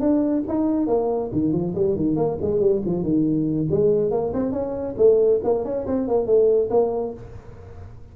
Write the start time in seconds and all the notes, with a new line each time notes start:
0.00 D4
0.47 D#4
0.87 A#3
1.32 D#3
1.52 F3
1.75 G3
1.96 D#3
2.16 A#3
2.41 G#3
2.60 G3
2.85 F3
3.03 D#3
3.70 G#3
4.11 A#3
4.33 C4
4.52 C#4
4.97 A3
5.44 A#3
5.64 C#4
5.87 C4
6.08 A#3
6.26 A3
6.70 A#3